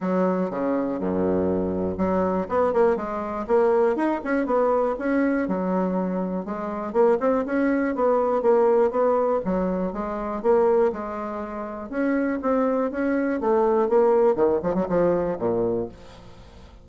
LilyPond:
\new Staff \with { instrumentName = "bassoon" } { \time 4/4 \tempo 4 = 121 fis4 cis4 fis,2 | fis4 b8 ais8 gis4 ais4 | dis'8 cis'8 b4 cis'4 fis4~ | fis4 gis4 ais8 c'8 cis'4 |
b4 ais4 b4 fis4 | gis4 ais4 gis2 | cis'4 c'4 cis'4 a4 | ais4 dis8 f16 fis16 f4 ais,4 | }